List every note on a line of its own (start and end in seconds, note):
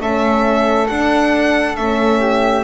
0.00 0.88 A3
0.00 0.88 C#4
0.00 2.20 A4
0.00 0.87 E5
0.87 1.76 D4
0.87 1.77 D4
0.87 1.75 F#5
1.76 2.64 A3
1.76 2.64 C#4
1.76 2.64 E5
2.20 2.64 G4